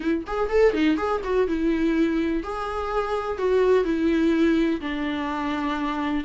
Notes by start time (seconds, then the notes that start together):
0.00 E4
0.26 G#4
0.49 A4
0.73 D#4
0.97 G#4
1.23 F#4
1.47 E4
2.43 G#4
3.38 F#4
3.84 E4
4.80 D4